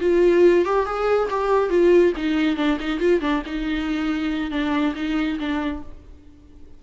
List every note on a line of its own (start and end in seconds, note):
0.00 0.65 F4
0.65 0.85 G4
0.85 1.28 G#4
1.29 1.69 G4
1.69 2.12 F4
2.17 2.56 D#4
2.56 2.77 D4
2.80 2.99 D#4
2.99 3.20 F4
3.20 3.42 D4
3.46 4.50 D#4
4.50 4.94 D4
4.95 5.38 D#4
5.39 5.82 D4